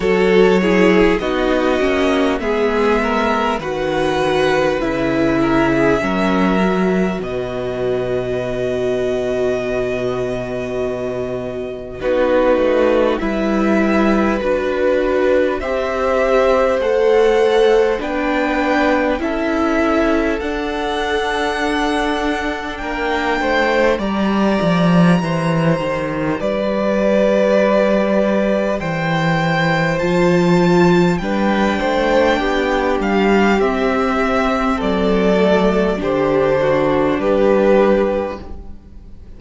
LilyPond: <<
  \new Staff \with { instrumentName = "violin" } { \time 4/4 \tempo 4 = 50 cis''4 dis''4 e''4 fis''4 | e''2 dis''2~ | dis''2 b'4 e''4 | b'4 e''4 fis''4 g''4 |
e''4 fis''2 g''4 | ais''2 d''2 | g''4 a''4 g''4. f''8 | e''4 d''4 c''4 b'4 | }
  \new Staff \with { instrumentName = "violin" } { \time 4/4 a'8 gis'8 fis'4 gis'8 ais'8 b'4~ | b'8 ais'16 gis'16 ais'4 b'2~ | b'2 fis'4 b'4~ | b'4 c''2 b'4 |
a'2. ais'8 c''8 | d''4 c''4 b'2 | c''2 b'8 c''8 g'4~ | g'4 a'4 g'8 fis'8 g'4 | }
  \new Staff \with { instrumentName = "viola" } { \time 4/4 fis'8 e'8 dis'8 cis'8 b4 fis'4 | e'4 cis'8 fis'2~ fis'8~ | fis'2 dis'4 e'4 | fis'4 g'4 a'4 d'4 |
e'4 d'2. | g'1~ | g'4 f'4 d'2 | c'4. a8 d'2 | }
  \new Staff \with { instrumentName = "cello" } { \time 4/4 fis4 b8 ais8 gis4 dis4 | cis4 fis4 b,2~ | b,2 b8 a8 g4 | d'4 c'4 a4 b4 |
cis'4 d'2 ais8 a8 | g8 f8 e8 dis8 g2 | e4 f4 g8 a8 b8 g8 | c'4 fis4 d4 g4 | }
>>